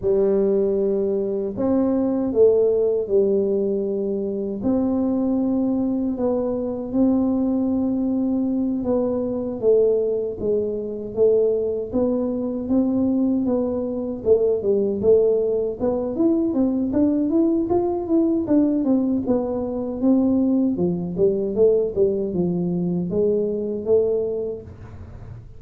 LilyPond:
\new Staff \with { instrumentName = "tuba" } { \time 4/4 \tempo 4 = 78 g2 c'4 a4 | g2 c'2 | b4 c'2~ c'8 b8~ | b8 a4 gis4 a4 b8~ |
b8 c'4 b4 a8 g8 a8~ | a8 b8 e'8 c'8 d'8 e'8 f'8 e'8 | d'8 c'8 b4 c'4 f8 g8 | a8 g8 f4 gis4 a4 | }